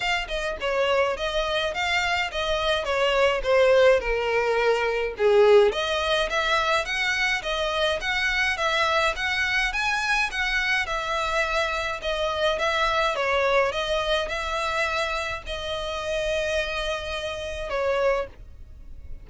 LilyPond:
\new Staff \with { instrumentName = "violin" } { \time 4/4 \tempo 4 = 105 f''8 dis''8 cis''4 dis''4 f''4 | dis''4 cis''4 c''4 ais'4~ | ais'4 gis'4 dis''4 e''4 | fis''4 dis''4 fis''4 e''4 |
fis''4 gis''4 fis''4 e''4~ | e''4 dis''4 e''4 cis''4 | dis''4 e''2 dis''4~ | dis''2. cis''4 | }